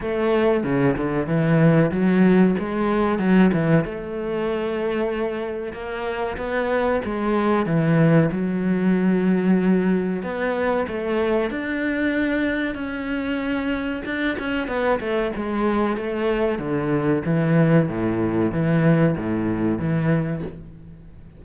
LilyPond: \new Staff \with { instrumentName = "cello" } { \time 4/4 \tempo 4 = 94 a4 cis8 d8 e4 fis4 | gis4 fis8 e8 a2~ | a4 ais4 b4 gis4 | e4 fis2. |
b4 a4 d'2 | cis'2 d'8 cis'8 b8 a8 | gis4 a4 d4 e4 | a,4 e4 a,4 e4 | }